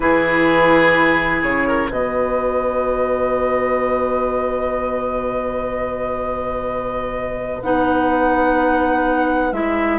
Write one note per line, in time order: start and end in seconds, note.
0.00 1.42 E3
0.00 1.89 E4
0.00 1.67 G#4
0.00 1.42 B4
1.42 1.90 C#3
1.42 1.90 C#5
1.67 1.90 A#4
1.89 7.62 B2
1.89 7.60 F#4
1.89 9.99 B4
1.89 7.62 D#5
7.62 9.52 B3
7.62 9.53 D#4
7.62 9.52 F#5
9.52 9.99 G#3
9.52 9.99 E4
9.52 9.99 E5